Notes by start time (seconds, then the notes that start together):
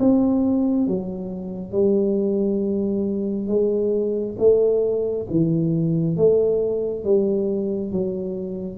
0.00 C4
0.88 F#3
1.72 G3
3.48 G#3
4.39 A3
5.31 E3
6.17 A3
7.05 G3
7.93 F#3